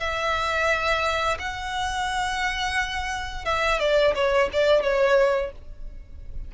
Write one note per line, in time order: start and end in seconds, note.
0.00 1.38 E5
1.39 3.45 F#5
3.45 3.80 E5
3.80 4.14 D5
4.15 4.50 C#5
4.53 4.83 D5
4.83 5.52 C#5